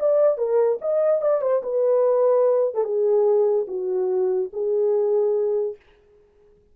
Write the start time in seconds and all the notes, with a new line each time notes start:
0.00 D5
0.38 A#4
0.81 D#5
1.22 D5
1.42 C5
1.63 B4
2.75 A4
2.84 G#4
3.68 F#4
4.53 G#4